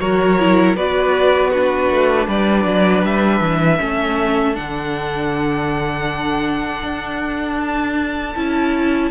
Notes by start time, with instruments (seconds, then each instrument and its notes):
0.00 cello F#3, viola F#4, violin A#4 C#5
0.39 viola E4
0.76 cello B3, viola F#4, violin B4 D5
1.50 viola D4, violin F#4 B4
1.90 cello A3
2.28 cello G3, violin B4 D5
2.65 cello F#3
3.03 cello G3, violin E5
3.40 cello E3
3.80 cello A3, viola C#4, violin A4
4.54 cello D3, viola D4, violin F#5
6.83 cello D4
7.60 violin A5
8.36 cello C#4, viola E4